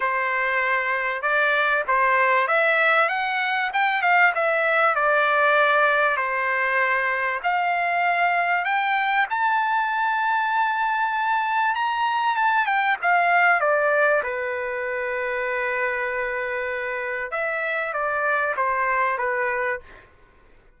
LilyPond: \new Staff \with { instrumentName = "trumpet" } { \time 4/4 \tempo 4 = 97 c''2 d''4 c''4 | e''4 fis''4 g''8 f''8 e''4 | d''2 c''2 | f''2 g''4 a''4~ |
a''2. ais''4 | a''8 g''8 f''4 d''4 b'4~ | b'1 | e''4 d''4 c''4 b'4 | }